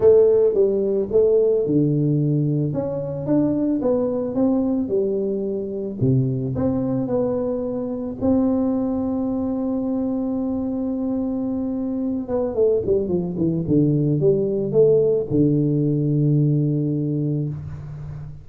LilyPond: \new Staff \with { instrumentName = "tuba" } { \time 4/4 \tempo 4 = 110 a4 g4 a4 d4~ | d4 cis'4 d'4 b4 | c'4 g2 c4 | c'4 b2 c'4~ |
c'1~ | c'2~ c'8 b8 a8 g8 | f8 e8 d4 g4 a4 | d1 | }